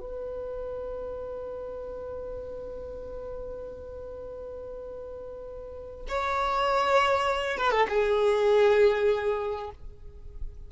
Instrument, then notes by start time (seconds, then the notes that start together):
violin
0.00 B4
6.09 C#5
7.58 B4
7.72 A4
7.89 G#4